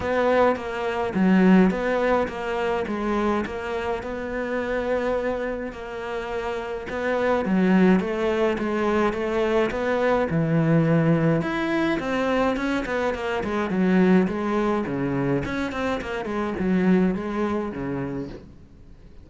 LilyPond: \new Staff \with { instrumentName = "cello" } { \time 4/4 \tempo 4 = 105 b4 ais4 fis4 b4 | ais4 gis4 ais4 b4~ | b2 ais2 | b4 fis4 a4 gis4 |
a4 b4 e2 | e'4 c'4 cis'8 b8 ais8 gis8 | fis4 gis4 cis4 cis'8 c'8 | ais8 gis8 fis4 gis4 cis4 | }